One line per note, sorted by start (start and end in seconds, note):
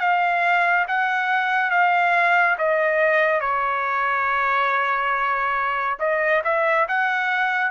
0.00 0.86 F5
0.88 1.71 F#5
1.71 2.57 F5
2.58 3.41 D#5
3.41 5.98 C#5
6.00 6.42 D#5
6.44 6.87 E5
6.88 7.71 F#5